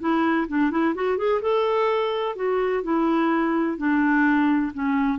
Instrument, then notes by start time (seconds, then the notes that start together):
clarinet
0.00 E4
0.48 D4
0.71 E4
0.95 F#4
1.18 G#4
1.42 A4
2.36 F#4
2.83 E4
3.78 D4
4.74 C#4